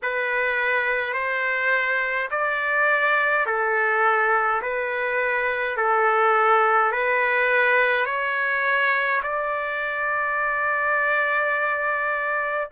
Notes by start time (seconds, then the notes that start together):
0.02 B4
1.13 C5
2.31 D5
3.46 A4
4.62 B4
5.76 A4
6.92 B4
8.05 C#5
9.23 D5